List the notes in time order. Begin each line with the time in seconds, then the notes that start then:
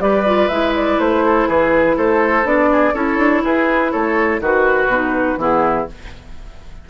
0.00 G3 G4 B4 D5
0.26 F4
0.49 G#3 E4 E5
0.76 D5
0.99 A3 C5
1.26 A4
1.48 E3 G#4 B4
1.97 A3 A4 C5
2.45 B3 D4 D5
2.72 G#4
2.94 C#4 E4 A4 C#5
3.18 D4
3.45 E4 G#4 B4
3.92 A3 A4 C#5
4.40 D#3 F#4 B4
4.87 B2 D#4
5.37 E3 B3 E4 G#4